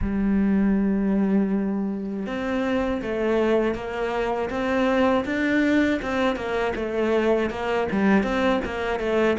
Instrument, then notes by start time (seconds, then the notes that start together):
cello
0.01 G3
2.26 C4
3.02 A3
3.74 A#3
4.50 C4
5.25 D4
6.01 C4
6.35 A#3
6.75 A3
7.50 A#3
7.91 G3
8.23 C4
8.64 A#3
8.99 A3